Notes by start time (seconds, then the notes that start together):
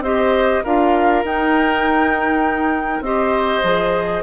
0.00 C4 G4 C5 D#5
0.64 D4 F4 A#4 F5
1.24 D#4 G5
3.01 C4 G4 C5 D#5
3.63 F3 G#4